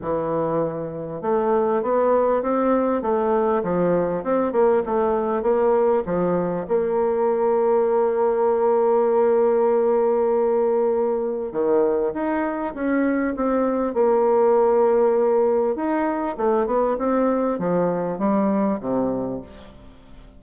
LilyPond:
\new Staff \with { instrumentName = "bassoon" } { \time 4/4 \tempo 4 = 99 e2 a4 b4 | c'4 a4 f4 c'8 ais8 | a4 ais4 f4 ais4~ | ais1~ |
ais2. dis4 | dis'4 cis'4 c'4 ais4~ | ais2 dis'4 a8 b8 | c'4 f4 g4 c4 | }